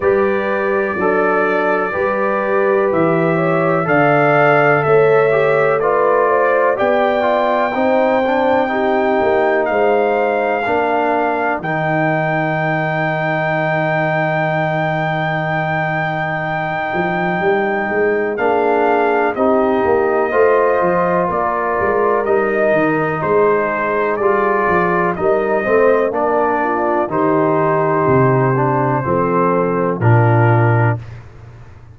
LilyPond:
<<
  \new Staff \with { instrumentName = "trumpet" } { \time 4/4 \tempo 4 = 62 d''2. e''4 | f''4 e''4 d''4 g''4~ | g''2 f''2 | g''1~ |
g''2. f''4 | dis''2 d''4 dis''4 | c''4 d''4 dis''4 d''4 | c''2. ais'4 | }
  \new Staff \with { instrumentName = "horn" } { \time 4/4 b'4 d'4 b'4. cis''8 | d''4 cis''4 b'8 c''8 d''4 | c''4 g'4 c''4 ais'4~ | ais'1~ |
ais'2. gis'4 | g'4 c''4 ais'2 | gis'2 ais'8 c''8 ais'8 f'8 | g'2 a'4 f'4 | }
  \new Staff \with { instrumentName = "trombone" } { \time 4/4 g'4 a'4 g'2 | a'4. g'8 f'4 g'8 f'8 | dis'8 d'8 dis'2 d'4 | dis'1~ |
dis'2. d'4 | dis'4 f'2 dis'4~ | dis'4 f'4 dis'8 c'8 d'4 | dis'4. d'8 c'4 d'4 | }
  \new Staff \with { instrumentName = "tuba" } { \time 4/4 g4 fis4 g4 e4 | d4 a2 b4 | c'4. ais8 gis4 ais4 | dis1~ |
dis4. f8 g8 gis8 ais4 | c'8 ais8 a8 f8 ais8 gis8 g8 dis8 | gis4 g8 f8 g8 a8 ais4 | dis4 c4 f4 ais,4 | }
>>